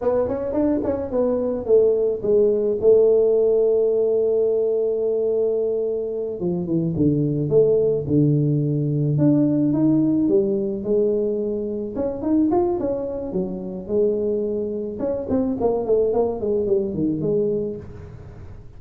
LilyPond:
\new Staff \with { instrumentName = "tuba" } { \time 4/4 \tempo 4 = 108 b8 cis'8 d'8 cis'8 b4 a4 | gis4 a2.~ | a2.~ a8 f8 | e8 d4 a4 d4.~ |
d8 d'4 dis'4 g4 gis8~ | gis4. cis'8 dis'8 f'8 cis'4 | fis4 gis2 cis'8 c'8 | ais8 a8 ais8 gis8 g8 dis8 gis4 | }